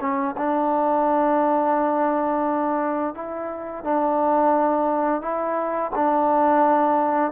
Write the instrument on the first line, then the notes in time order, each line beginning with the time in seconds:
trombone
0.00 C#4
0.37 D4
3.14 E4
3.84 D4
5.21 E4
5.95 D4